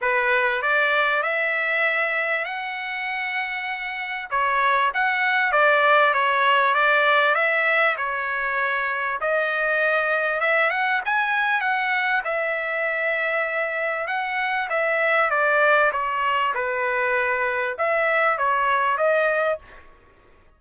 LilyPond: \new Staff \with { instrumentName = "trumpet" } { \time 4/4 \tempo 4 = 98 b'4 d''4 e''2 | fis''2. cis''4 | fis''4 d''4 cis''4 d''4 | e''4 cis''2 dis''4~ |
dis''4 e''8 fis''8 gis''4 fis''4 | e''2. fis''4 | e''4 d''4 cis''4 b'4~ | b'4 e''4 cis''4 dis''4 | }